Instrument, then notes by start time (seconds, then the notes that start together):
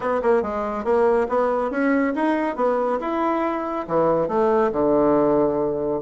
bassoon
0.00 B3
0.22 A#3
0.42 G#3
0.84 A#3
1.28 B3
1.70 C#4
2.15 D#4
2.55 B3
3.00 E4
3.87 E3
4.28 A3
4.72 D3